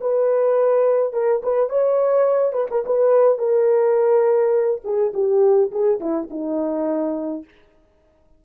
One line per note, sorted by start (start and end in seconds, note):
0.00 1.13 B4
1.13 1.41 A#4
1.43 1.69 B4
1.69 2.52 C#5
2.52 2.66 B4
2.70 2.84 A#4
2.85 3.38 B4
3.38 4.81 A#4
4.84 5.12 G#4
5.13 5.70 G4
5.71 5.99 G#4
6.00 6.28 E4
6.30 7.44 D#4